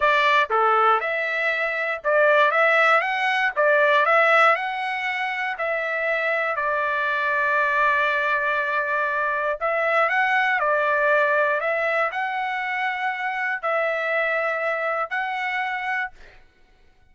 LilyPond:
\new Staff \with { instrumentName = "trumpet" } { \time 4/4 \tempo 4 = 119 d''4 a'4 e''2 | d''4 e''4 fis''4 d''4 | e''4 fis''2 e''4~ | e''4 d''2.~ |
d''2. e''4 | fis''4 d''2 e''4 | fis''2. e''4~ | e''2 fis''2 | }